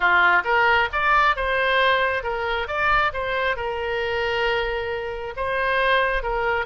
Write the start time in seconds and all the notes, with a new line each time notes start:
0.00 F4
0.44 A#4
0.92 D5
1.36 C5
2.23 A#4
2.67 D5
3.13 C5
3.56 A#4
5.36 C5
6.22 A#4